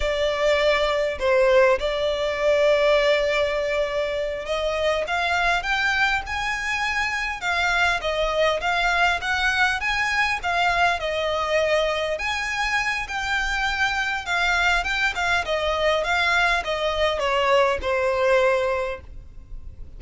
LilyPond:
\new Staff \with { instrumentName = "violin" } { \time 4/4 \tempo 4 = 101 d''2 c''4 d''4~ | d''2.~ d''8 dis''8~ | dis''8 f''4 g''4 gis''4.~ | gis''8 f''4 dis''4 f''4 fis''8~ |
fis''8 gis''4 f''4 dis''4.~ | dis''8 gis''4. g''2 | f''4 g''8 f''8 dis''4 f''4 | dis''4 cis''4 c''2 | }